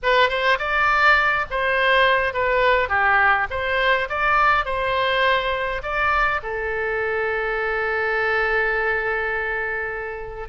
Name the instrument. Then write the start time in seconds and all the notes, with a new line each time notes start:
oboe
0.03 B4
0.29 C5
0.58 D5
1.50 C5
2.33 B4
2.89 G4
3.50 C5
4.09 D5
4.65 C5
5.82 D5
6.42 A4